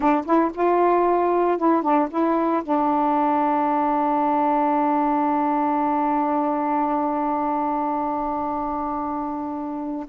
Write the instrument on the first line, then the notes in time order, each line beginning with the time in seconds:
saxophone
0.00 D4
0.25 E4
0.54 F4
1.57 E4
1.82 D4
2.10 E4
2.63 D4